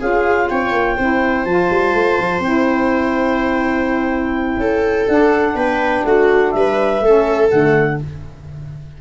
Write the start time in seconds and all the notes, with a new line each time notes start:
0.00 C#4 F4 G#4 F5
0.50 C4 C#5 G5
0.72 A#3
0.97 C4 E4 C5
1.45 F3 F4 A5
1.70 G3
1.94 A3
2.20 F3
2.40 C4 E4 G5
4.58 C#4 A4
5.08 D4 F#5
5.55 B3 B4 G5
6.05 A3 F#4 F#5
6.52 G3 B4 E5
7.01 A3 C#4 A4
7.50 D3 A3 F#5